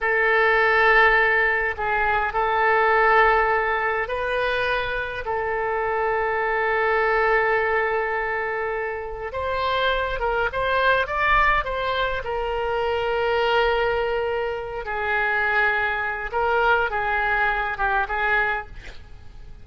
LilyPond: \new Staff \with { instrumentName = "oboe" } { \time 4/4 \tempo 4 = 103 a'2. gis'4 | a'2. b'4~ | b'4 a'2.~ | a'1 |
c''4. ais'8 c''4 d''4 | c''4 ais'2.~ | ais'4. gis'2~ gis'8 | ais'4 gis'4. g'8 gis'4 | }